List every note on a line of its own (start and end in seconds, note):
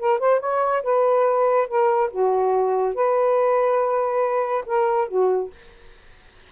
0.00 0.19 A#4
0.19 0.40 C5
0.40 0.83 C#5
0.83 1.68 B4
1.68 2.11 A#4
2.11 2.95 F#4
2.95 4.65 B4
4.66 5.09 A#4
5.09 5.51 F#4